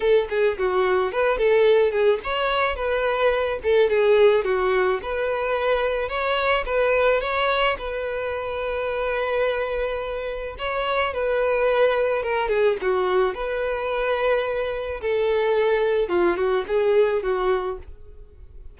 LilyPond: \new Staff \with { instrumentName = "violin" } { \time 4/4 \tempo 4 = 108 a'8 gis'8 fis'4 b'8 a'4 gis'8 | cis''4 b'4. a'8 gis'4 | fis'4 b'2 cis''4 | b'4 cis''4 b'2~ |
b'2. cis''4 | b'2 ais'8 gis'8 fis'4 | b'2. a'4~ | a'4 f'8 fis'8 gis'4 fis'4 | }